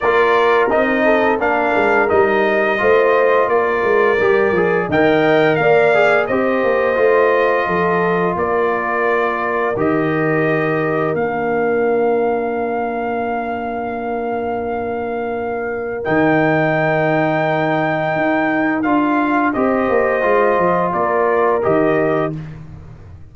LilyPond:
<<
  \new Staff \with { instrumentName = "trumpet" } { \time 4/4 \tempo 4 = 86 d''4 dis''4 f''4 dis''4~ | dis''4 d''2 g''4 | f''4 dis''2. | d''2 dis''2 |
f''1~ | f''2. g''4~ | g''2. f''4 | dis''2 d''4 dis''4 | }
  \new Staff \with { instrumentName = "horn" } { \time 4/4 ais'4. a'8 ais'2 | c''4 ais'2 dis''4 | d''4 c''2 a'4 | ais'1~ |
ais'1~ | ais'1~ | ais'1 | c''2 ais'2 | }
  \new Staff \with { instrumentName = "trombone" } { \time 4/4 f'4 dis'4 d'4 dis'4 | f'2 g'8 gis'8 ais'4~ | ais'8 gis'8 g'4 f'2~ | f'2 g'2 |
d'1~ | d'2. dis'4~ | dis'2. f'4 | g'4 f'2 g'4 | }
  \new Staff \with { instrumentName = "tuba" } { \time 4/4 ais4 c'4 ais8 gis8 g4 | a4 ais8 gis8 g8 f8 dis4 | ais4 c'8 ais8 a4 f4 | ais2 dis2 |
ais1~ | ais2. dis4~ | dis2 dis'4 d'4 | c'8 ais8 gis8 f8 ais4 dis4 | }
>>